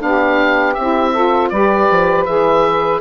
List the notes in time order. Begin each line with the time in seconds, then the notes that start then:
0.00 B3 D4 G4 F5
0.75 C4 E4 E5
1.12 F4 A4
1.50 G3 G4 B4 D5
1.91 F3
2.26 E3 G#4 E5